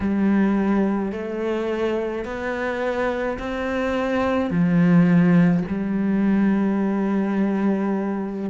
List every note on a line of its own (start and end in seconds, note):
0.00 1.12 G3
1.12 2.24 A3
2.24 3.38 B3
3.39 4.50 C4
4.50 5.63 F3
5.68 8.50 G3